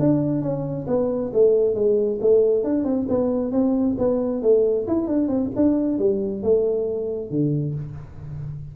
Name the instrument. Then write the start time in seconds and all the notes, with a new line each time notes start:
tuba
0.00 D4
0.42 C#4
0.88 B3
1.34 A3
1.75 G#3
2.22 A3
2.64 D4
2.85 C4
3.09 B3
3.52 C4
3.99 B3
4.43 A3
4.88 E4
5.08 D4
5.28 C4
5.56 D4
5.99 G3
6.43 A3
7.31 D3